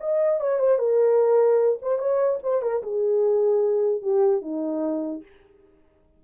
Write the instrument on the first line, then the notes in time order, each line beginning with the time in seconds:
horn
0.00 D#5
0.40 C#5
0.59 C5
0.78 A#4
1.82 C5
1.98 C#5
2.43 C5
2.62 A#4
2.83 G#4
4.02 G4
4.41 D#4